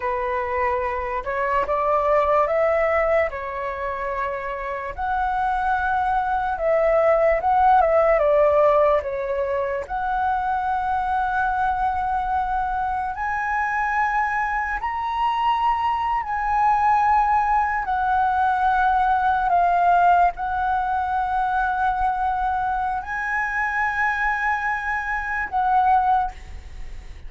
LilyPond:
\new Staff \with { instrumentName = "flute" } { \time 4/4 \tempo 4 = 73 b'4. cis''8 d''4 e''4 | cis''2 fis''2 | e''4 fis''8 e''8 d''4 cis''4 | fis''1 |
gis''2 ais''4.~ ais''16 gis''16~ | gis''4.~ gis''16 fis''2 f''16~ | f''8. fis''2.~ fis''16 | gis''2. fis''4 | }